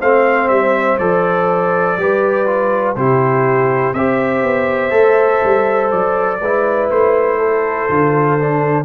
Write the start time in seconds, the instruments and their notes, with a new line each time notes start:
0.00 tuba A3, trombone C4, horn C5, trumpet F5
0.49 tuba G3, trumpet E5
0.99 tuba F3, trombone A4, trumpet D5
1.98 tuba G3, trombone G4, horn B4
2.47 trombone F4
2.96 tuba C3, trombone E4, horn G4, trumpet C5
3.94 tuba C4, trombone G4, horn C5, trumpet E5
4.43 tuba B3
4.91 tuba A3, trombone A4
5.44 tuba G3
5.91 tuba F#3, trumpet D5
6.41 tuba G#3, trombone E4, horn B4
6.91 tuba A3, trumpet C5
7.39 horn A4
7.89 tuba D3, trombone F4
8.40 trombone D4